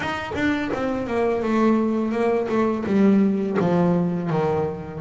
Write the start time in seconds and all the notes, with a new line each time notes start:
0.00 D#4
0.34 D4
0.73 C4
1.06 A#3
1.43 A3
2.11 A#3
2.48 A3
2.85 G3
3.59 F3
4.30 D#3